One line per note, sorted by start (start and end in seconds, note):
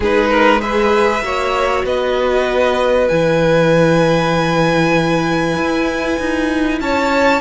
0.00 1.22 G#3
0.00 0.58 D#4
0.00 0.30 G#4
0.00 0.61 B4
0.30 0.61 A#4
0.58 1.20 G#4
0.58 1.23 B4
0.58 1.85 E5
1.22 1.84 A#3
1.22 3.09 F#4
1.22 1.85 C#5
1.84 3.08 B3
1.84 6.80 B4
1.84 3.08 D#5
3.08 5.56 E3
3.08 7.40 E4
3.08 6.79 G#5
5.56 6.18 E4
6.19 6.80 D#4
6.80 7.40 C#4
6.80 7.40 C#5
6.80 7.40 A5